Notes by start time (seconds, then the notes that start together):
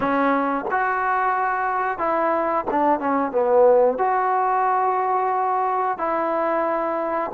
0.00 C#4
0.70 F#4
1.98 E4
2.71 D4
2.99 C#4
3.31 B3
3.98 F#4
5.98 E4